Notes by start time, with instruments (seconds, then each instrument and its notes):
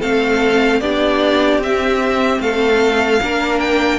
0.00 cello A3, viola C4, violin A4 F5
0.81 cello B3, viola D4, violin G4 D5
1.59 cello C4, viola C4, violin E5
2.41 cello A3, violin A4 F5
3.22 cello A#3, viola D4, violin A#4
3.60 violin G5